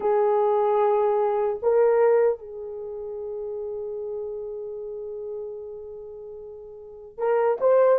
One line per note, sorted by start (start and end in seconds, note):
0.00 1.60 G#4
1.62 2.39 A#4
2.39 7.18 G#4
7.18 7.58 A#4
7.60 7.99 C5